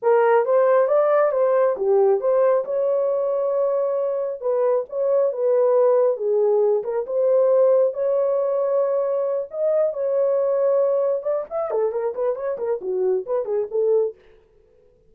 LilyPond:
\new Staff \with { instrumentName = "horn" } { \time 4/4 \tempo 4 = 136 ais'4 c''4 d''4 c''4 | g'4 c''4 cis''2~ | cis''2 b'4 cis''4 | b'2 gis'4. ais'8 |
c''2 cis''2~ | cis''4. dis''4 cis''4.~ | cis''4. d''8 e''8 a'8 ais'8 b'8 | cis''8 ais'8 fis'4 b'8 gis'8 a'4 | }